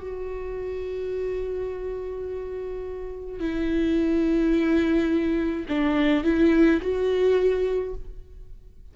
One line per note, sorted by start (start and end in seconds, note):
0.00 3.40 F#4
3.40 5.66 E4
5.69 6.24 D4
6.24 6.81 E4
6.81 7.95 F#4